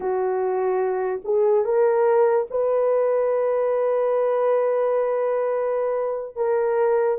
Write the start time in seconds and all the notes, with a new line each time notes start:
0.00 F#4
1.24 G#4
1.64 A#4
2.50 B4
6.36 A#4